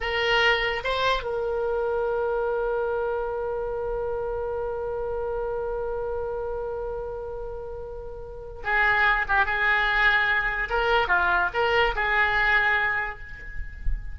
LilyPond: \new Staff \with { instrumentName = "oboe" } { \time 4/4 \tempo 4 = 146 ais'2 c''4 ais'4~ | ais'1~ | ais'1~ | ais'1~ |
ais'1~ | ais'4 gis'4. g'8 gis'4~ | gis'2 ais'4 f'4 | ais'4 gis'2. | }